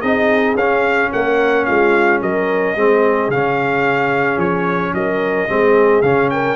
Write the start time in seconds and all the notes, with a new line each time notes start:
0.00 C4 D#4 G#4 D#5
0.55 C#4 F5
1.11 A#3 A#4 F#5
1.65 G#3 F4 F5
2.21 F#3 A#4 D#5
2.75 G#3 C4 G#4
3.29 C#3 C#4 F5
4.37 F3 C#5
4.93 F#3 A#4 D#5
5.48 G#3 C4 G#4
6.02 C#3 C#4 F5
6.30 A#4 G5